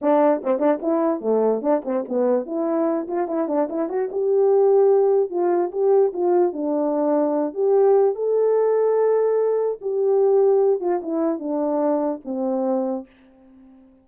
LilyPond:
\new Staff \with { instrumentName = "horn" } { \time 4/4 \tempo 4 = 147 d'4 c'8 d'8 e'4 a4 | d'8 c'8 b4 e'4. f'8 | e'8 d'8 e'8 fis'8 g'2~ | g'4 f'4 g'4 f'4 |
d'2~ d'8 g'4. | a'1 | g'2~ g'8 f'8 e'4 | d'2 c'2 | }